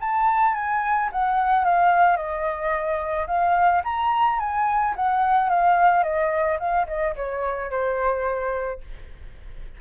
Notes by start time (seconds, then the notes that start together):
0.00 A5
0.54 G#5
1.12 F#5
1.64 F5
2.16 D#5
3.27 F5
3.84 A#5
4.39 G#5
4.95 F#5
5.49 F5
6.03 D#5
6.59 F5
6.87 D#5
7.16 C#5
7.70 C5